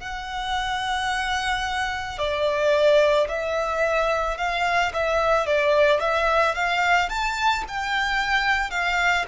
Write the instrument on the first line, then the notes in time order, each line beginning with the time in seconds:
violin
0.00 F#5
2.18 D5
3.28 E5
4.37 F5
4.93 E5
5.46 D5
6.00 E5
6.55 F5
7.09 A5
7.68 G5
8.70 F5